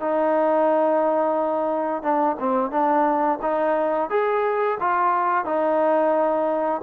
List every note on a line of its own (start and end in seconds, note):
0.00 2.02 D#4
2.02 2.36 D4
2.39 2.71 C4
2.71 3.39 D4
3.42 4.10 D#4
4.10 4.78 G#4
4.80 5.45 F4
5.45 6.81 D#4